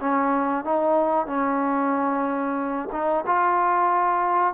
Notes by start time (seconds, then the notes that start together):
0.00 C#4
0.64 D#4
1.26 C#4
2.92 D#4
3.26 F4